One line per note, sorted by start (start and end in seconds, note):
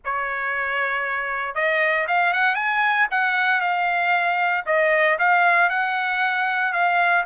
0.04 1.54 C#5
1.54 2.06 D#5
2.07 2.33 F5
2.33 2.55 F#5
2.55 3.07 G#5
3.10 3.60 F#5
3.60 4.64 F5
4.66 5.17 D#5
5.18 5.69 F5
5.69 6.72 F#5
6.72 7.24 F5